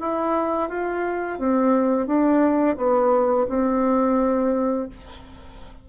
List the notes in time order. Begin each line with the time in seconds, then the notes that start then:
0.00 E4
0.69 F4
1.39 C4
2.06 D4
2.77 B3
3.49 C4